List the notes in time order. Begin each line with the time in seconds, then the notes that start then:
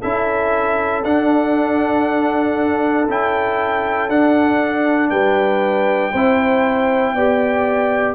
0.00 C#4 E4 A4 E5
1.04 D4 F#5
3.08 C#4 E4 G5
4.09 D4 F#5
5.09 G3 B4 G5
6.11 C4 E4 C5
7.13 B3 G4 D5